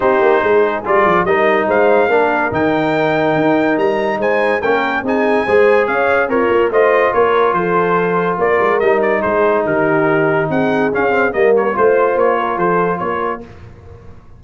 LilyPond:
<<
  \new Staff \with { instrumentName = "trumpet" } { \time 4/4 \tempo 4 = 143 c''2 d''4 dis''4 | f''2 g''2~ | g''4 ais''4 gis''4 g''4 | gis''2 f''4 cis''4 |
dis''4 cis''4 c''2 | d''4 dis''8 d''8 c''4 ais'4~ | ais'4 fis''4 f''4 dis''8 cis''8 | c''4 cis''4 c''4 cis''4 | }
  \new Staff \with { instrumentName = "horn" } { \time 4/4 g'4 gis'2 ais'4 | c''4 ais'2.~ | ais'2 c''4 ais'4 | gis'4 c''4 cis''4 f'4 |
c''4 ais'4 a'2 | ais'2 gis'4 g'4~ | g'4 gis'2 ais'4 | c''4. ais'8 a'4 ais'4 | }
  \new Staff \with { instrumentName = "trombone" } { \time 4/4 dis'2 f'4 dis'4~ | dis'4 d'4 dis'2~ | dis'2. cis'4 | dis'4 gis'2 ais'4 |
f'1~ | f'4 dis'2.~ | dis'2 cis'8 c'8 ais4 | f'1 | }
  \new Staff \with { instrumentName = "tuba" } { \time 4/4 c'8 ais8 gis4 g8 f8 g4 | gis4 ais4 dis2 | dis'4 g4 gis4 ais4 | c'4 gis4 cis'4 c'8 ais8 |
a4 ais4 f2 | ais8 gis8 g4 gis4 dis4~ | dis4 c'4 cis'4 g4 | a4 ais4 f4 ais4 | }
>>